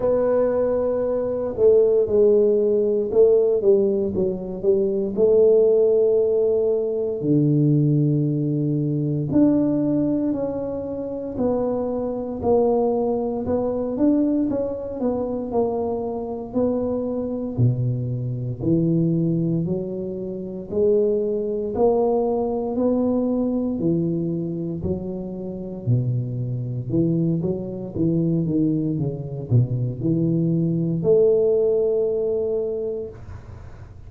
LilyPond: \new Staff \with { instrumentName = "tuba" } { \time 4/4 \tempo 4 = 58 b4. a8 gis4 a8 g8 | fis8 g8 a2 d4~ | d4 d'4 cis'4 b4 | ais4 b8 d'8 cis'8 b8 ais4 |
b4 b,4 e4 fis4 | gis4 ais4 b4 e4 | fis4 b,4 e8 fis8 e8 dis8 | cis8 b,8 e4 a2 | }